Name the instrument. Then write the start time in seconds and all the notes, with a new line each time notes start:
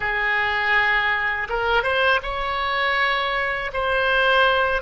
oboe
0.00 G#4
1.49 A#4
1.83 C5
2.23 C#5
3.73 C5